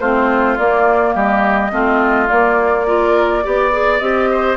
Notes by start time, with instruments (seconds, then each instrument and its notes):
0.00 bassoon A3, clarinet C4, oboe F4, flute C5
0.58 bassoon A#3, clarinet A#3, flute D5
1.15 bassoon G3, oboe G4, flute D#5
1.72 bassoon A3, clarinet C4, oboe F4
2.27 clarinet A#3, bassoon A#3, flute D5
2.87 clarinet F4, oboe A#4
3.43 bassoon B3, clarinet G4, oboe D5
3.72 clarinet G#4
3.99 bassoon C4, clarinet G4, flute D#5
4.31 oboe C5